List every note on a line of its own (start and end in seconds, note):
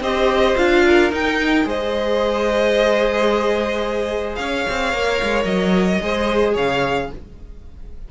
0.00 0.55 C4
0.00 0.56 G4
0.00 0.84 C5
0.00 0.56 D#5
0.56 1.12 D4
0.56 1.11 F4
0.56 1.11 F5
0.86 1.66 A#4
1.11 1.63 D#4
1.11 1.65 D#4
1.11 1.68 G5
1.63 4.37 G#3
1.63 4.91 G#4
1.63 4.38 C5
1.63 4.35 D#5
4.35 4.65 C#4
4.35 6.02 C#5
4.35 5.44 F5
4.69 4.93 C4
4.93 5.20 A#3
4.93 6.01 A#4
5.23 5.45 G#3
5.44 5.99 F#3
5.44 6.53 D#5
6.01 6.55 G#3
6.01 7.10 G#4
6.01 6.53 C5
6.53 7.10 C#3
6.53 7.08 C#5
6.53 7.11 F5